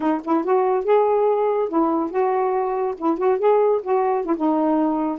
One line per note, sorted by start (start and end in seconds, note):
0.00 0.21 D#4
0.24 0.44 E4
0.44 0.84 F#4
0.84 1.68 G#4
1.69 2.10 E4
2.10 2.94 F#4
2.97 3.17 E4
3.17 3.38 F#4
3.38 3.81 G#4
3.82 4.25 F#4
4.25 4.35 E4
4.36 5.18 D#4